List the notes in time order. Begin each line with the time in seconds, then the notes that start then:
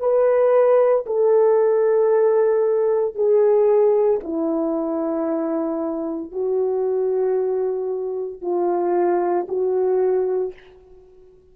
0.00 B4
1.07 A4
3.15 G#4
4.24 E4
6.32 F#4
8.42 F4
9.48 F#4